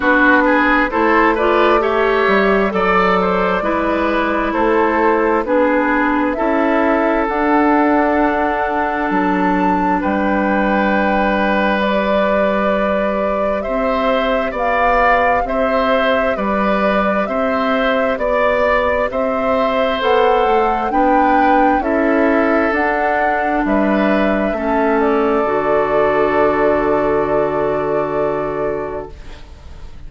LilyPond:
<<
  \new Staff \with { instrumentName = "flute" } { \time 4/4 \tempo 4 = 66 b'4 c''8 d''8 e''4 d''4~ | d''4 c''4 b'4 e''4 | fis''2 a''4 g''4~ | g''4 d''2 e''4 |
f''4 e''4 d''4 e''4 | d''4 e''4 fis''4 g''4 | e''4 fis''4 e''4. d''8~ | d''1 | }
  \new Staff \with { instrumentName = "oboe" } { \time 4/4 fis'8 gis'8 a'8 b'8 cis''4 d''8 c''8 | b'4 a'4 gis'4 a'4~ | a'2. b'4~ | b'2. c''4 |
d''4 c''4 b'4 c''4 | d''4 c''2 b'4 | a'2 b'4 a'4~ | a'1 | }
  \new Staff \with { instrumentName = "clarinet" } { \time 4/4 d'4 e'8 f'8 g'4 a'4 | e'2 d'4 e'4 | d'1~ | d'4 g'2.~ |
g'1~ | g'2 a'4 d'4 | e'4 d'2 cis'4 | fis'1 | }
  \new Staff \with { instrumentName = "bassoon" } { \time 4/4 b4 a4. g8 fis4 | gis4 a4 b4 cis'4 | d'2 fis4 g4~ | g2. c'4 |
b4 c'4 g4 c'4 | b4 c'4 b8 a8 b4 | cis'4 d'4 g4 a4 | d1 | }
>>